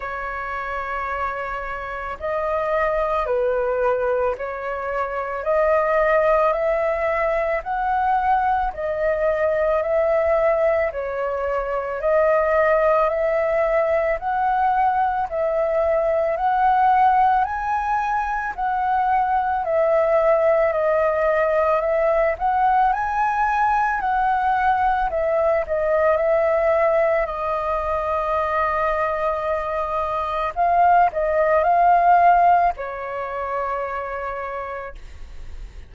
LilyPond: \new Staff \with { instrumentName = "flute" } { \time 4/4 \tempo 4 = 55 cis''2 dis''4 b'4 | cis''4 dis''4 e''4 fis''4 | dis''4 e''4 cis''4 dis''4 | e''4 fis''4 e''4 fis''4 |
gis''4 fis''4 e''4 dis''4 | e''8 fis''8 gis''4 fis''4 e''8 dis''8 | e''4 dis''2. | f''8 dis''8 f''4 cis''2 | }